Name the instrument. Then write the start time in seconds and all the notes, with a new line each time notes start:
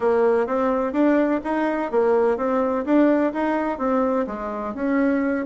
bassoon
0.00 A#3
0.47 C4
0.92 D4
1.44 D#4
1.91 A#3
2.37 C4
2.85 D4
3.33 D#4
3.78 C4
4.26 G#3
4.74 C#4